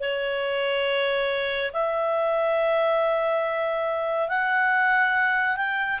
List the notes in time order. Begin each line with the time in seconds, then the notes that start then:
0.00 C#5
1.73 E5
4.28 F#5
5.56 G5